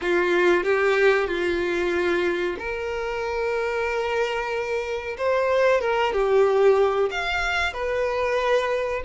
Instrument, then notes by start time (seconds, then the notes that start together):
violin
0.01 F4
0.63 G4
1.27 F4
2.58 A#4
5.17 C5
5.80 A#4
6.13 G4
7.10 F5
7.73 B4